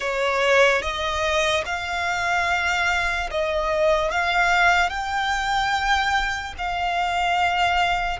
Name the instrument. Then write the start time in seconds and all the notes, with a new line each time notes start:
violin
0.00 C#5
0.81 D#5
1.65 F5
3.30 D#5
4.11 F5
4.89 G5
6.58 F5